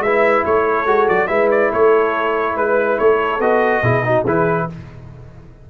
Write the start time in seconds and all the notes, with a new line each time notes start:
0.00 G#3 B4 E5
0.06 E4
0.46 A3 A4 C#5
0.87 G#3 F#4
1.09 F#3 D5
1.28 G#3 E4 B4 E5
1.51 D5
1.72 A3 A4 C#5
2.57 G#3 B4
2.99 A3 A4 C#5
3.40 B3 F#4 D#5
3.83 B2 E4 G#4
4.04 D#4 F#4
4.25 E3 E4 G#4 B4